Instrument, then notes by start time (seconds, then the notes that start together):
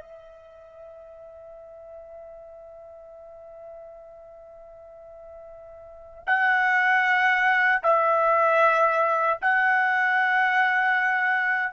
trumpet
0.00 E5
6.27 F#5
7.83 E5
9.41 F#5